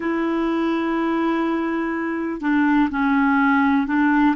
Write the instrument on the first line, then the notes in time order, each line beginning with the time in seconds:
clarinet
0.00 E4
2.41 D4
2.90 C#4
3.86 D4